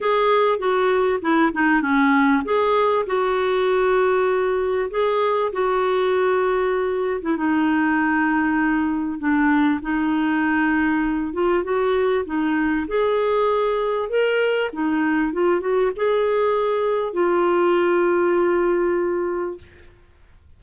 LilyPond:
\new Staff \with { instrumentName = "clarinet" } { \time 4/4 \tempo 4 = 98 gis'4 fis'4 e'8 dis'8 cis'4 | gis'4 fis'2. | gis'4 fis'2~ fis'8. e'16 | dis'2. d'4 |
dis'2~ dis'8 f'8 fis'4 | dis'4 gis'2 ais'4 | dis'4 f'8 fis'8 gis'2 | f'1 | }